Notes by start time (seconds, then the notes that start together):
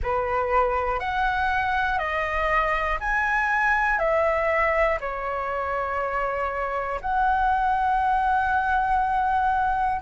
0.03 B4
1.00 F#5
1.98 D#5
3.00 G#5
3.99 E5
5.00 C#5
7.01 F#5